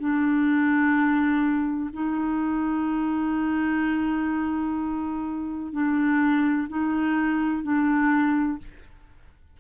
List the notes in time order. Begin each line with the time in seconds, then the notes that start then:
0.00 D4
1.94 D#4
5.73 D4
6.69 D#4
7.63 D4